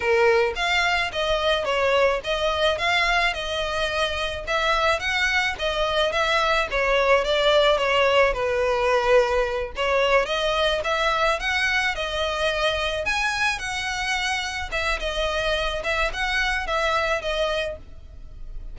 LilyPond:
\new Staff \with { instrumentName = "violin" } { \time 4/4 \tempo 4 = 108 ais'4 f''4 dis''4 cis''4 | dis''4 f''4 dis''2 | e''4 fis''4 dis''4 e''4 | cis''4 d''4 cis''4 b'4~ |
b'4. cis''4 dis''4 e''8~ | e''8 fis''4 dis''2 gis''8~ | gis''8 fis''2 e''8 dis''4~ | dis''8 e''8 fis''4 e''4 dis''4 | }